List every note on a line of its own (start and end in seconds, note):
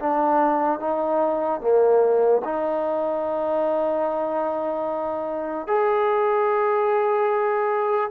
0.00 0.80 D4
0.80 1.61 D#4
1.61 2.43 A#3
2.45 5.68 D#4
5.68 8.11 G#4